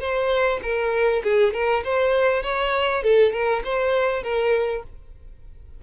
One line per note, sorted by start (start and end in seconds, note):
0.00 0.60 C5
0.63 1.23 A#4
1.24 1.54 G#4
1.54 1.84 A#4
1.84 2.43 C5
2.43 3.03 C#5
3.03 3.33 A4
3.33 3.63 A#4
3.64 4.23 C5
4.23 4.83 A#4